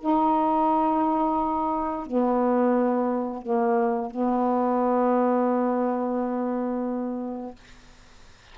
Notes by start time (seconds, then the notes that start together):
0.00 D#4
2.07 B3
3.42 A#3
4.11 B3